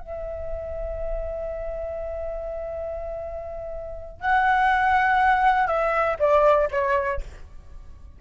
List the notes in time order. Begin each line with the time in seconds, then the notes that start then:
0.00 E5
4.21 F#5
5.67 E5
6.19 D5
6.71 C#5